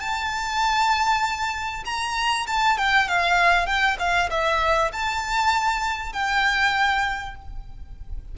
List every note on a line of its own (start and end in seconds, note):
0.00 1.84 A5
1.85 2.47 A#5
2.47 2.78 A5
2.78 3.08 G5
3.08 3.67 F5
3.67 3.97 G5
3.99 4.30 F5
4.31 4.92 E5
4.93 6.13 A5
6.13 7.35 G5